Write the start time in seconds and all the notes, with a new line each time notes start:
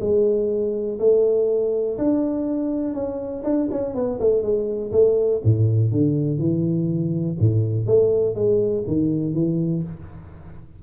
0.00 G#3
0.99 A3
1.98 D4
2.94 C#4
3.44 D4
3.71 C#4
3.94 B3
4.20 A3
4.42 G#3
4.92 A3
5.44 A2
5.91 D3
6.38 E3
7.39 A2
7.86 A3
8.34 G#3
8.87 D#3
9.33 E3